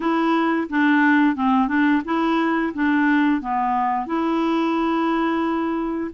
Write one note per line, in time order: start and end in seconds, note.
0.00 0.67 E4
0.69 1.35 D4
1.35 1.67 C4
1.67 2.01 D4
2.05 2.73 E4
2.74 3.41 D4
3.41 4.06 B3
4.06 6.10 E4